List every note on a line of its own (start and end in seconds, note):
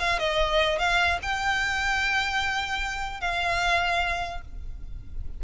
0.00 0.19 F5
0.19 0.79 D#5
0.79 1.19 F5
1.23 3.21 G5
3.21 4.42 F5